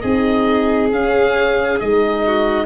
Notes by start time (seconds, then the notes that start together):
0.00 C4 D#4 G#4 D#5
0.91 C#4 F5
1.79 G#3 D#4 D#5
2.26 F#4